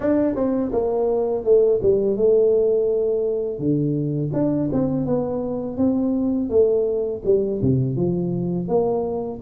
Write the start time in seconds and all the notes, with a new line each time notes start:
0.00 D4
0.35 C4
0.72 A#3
1.44 A3
1.82 G3
2.16 A3
3.58 D3
4.33 D4
4.72 C4
5.05 B3
5.77 C4
6.49 A3
7.24 G3
7.62 C3
7.96 F3
8.68 A#3